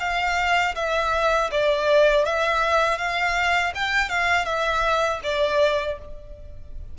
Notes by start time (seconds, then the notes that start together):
0.00 F5
0.76 E5
1.51 D5
2.25 E5
2.98 F5
3.75 G5
4.09 F5
4.46 E5
5.24 D5